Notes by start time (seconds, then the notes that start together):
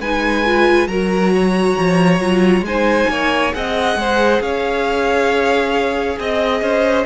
0.00 G#3 D#4 B4 G#5
0.46 F4
0.87 F#3 F#4 A#4 A#5
1.34 C#5
1.78 F3
2.19 F#3 F4
2.62 G#3 C5 G#5
2.68 D#4
3.09 A#3 C#5
3.53 C4 G#4 D#5 F#5
3.96 G#3 C5
4.41 C#4 C#5 F5
6.19 C4 D#5
6.62 C#4 C5